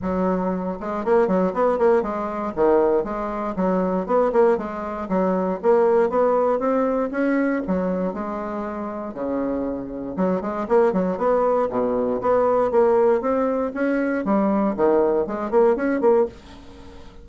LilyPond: \new Staff \with { instrumentName = "bassoon" } { \time 4/4 \tempo 4 = 118 fis4. gis8 ais8 fis8 b8 ais8 | gis4 dis4 gis4 fis4 | b8 ais8 gis4 fis4 ais4 | b4 c'4 cis'4 fis4 |
gis2 cis2 | fis8 gis8 ais8 fis8 b4 b,4 | b4 ais4 c'4 cis'4 | g4 dis4 gis8 ais8 cis'8 ais8 | }